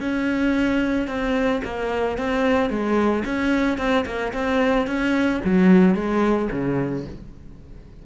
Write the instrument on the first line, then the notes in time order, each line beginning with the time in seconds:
cello
0.00 C#4
1.07 C4
1.64 A#3
2.18 C4
2.70 G#3
3.25 C#4
3.78 C4
4.06 A#3
4.33 C4
4.87 C#4
5.44 F#3
5.94 G#3
6.51 C#3